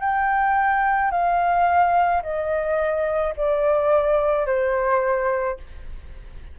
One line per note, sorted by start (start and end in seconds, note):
0.00 1.11 G5
1.11 2.22 F5
2.22 3.33 D#5
3.36 4.46 D5
4.46 5.57 C5